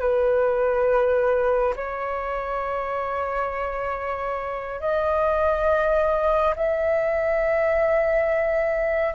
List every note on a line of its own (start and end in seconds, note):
0.00 1.74 B4
1.76 4.80 C#5
4.80 6.54 D#5
6.56 9.14 E5